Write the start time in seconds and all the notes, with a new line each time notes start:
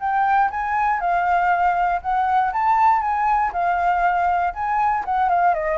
0.00 G5
0.51 G#5
1.01 F5
2.02 F#5
2.53 A5
3.02 G#5
3.53 F5
4.54 G#5
5.05 F#5
5.29 F5
5.54 D#5